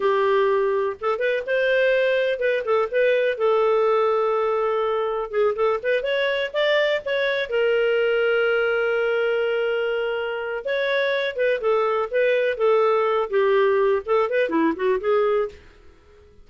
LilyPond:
\new Staff \with { instrumentName = "clarinet" } { \time 4/4 \tempo 4 = 124 g'2 a'8 b'8 c''4~ | c''4 b'8 a'8 b'4 a'4~ | a'2. gis'8 a'8 | b'8 cis''4 d''4 cis''4 ais'8~ |
ais'1~ | ais'2 cis''4. b'8 | a'4 b'4 a'4. g'8~ | g'4 a'8 b'8 e'8 fis'8 gis'4 | }